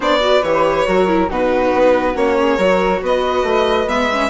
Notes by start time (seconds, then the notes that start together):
0.00 B3 D4 C#5 D5
0.20 F#4 B4
0.42 E3 G4 C#5
0.86 F#3 F#4 A#4
1.07 E4
1.29 B2 D#4 F#4 B4
1.73 B3
2.14 A#3 C#4 C#5
2.38 G#4
2.56 F#3 F#4 A#4
3.01 B3 B4 D#5
3.42 A3
3.87 G#3 B3 E5
4.12 C#4